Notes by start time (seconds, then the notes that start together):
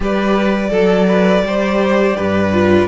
0.00 G3 G4 B4 D5
0.69 F#3 A4
1.08 B4
1.41 G3 G4 C5
2.16 G2 B4
2.52 F4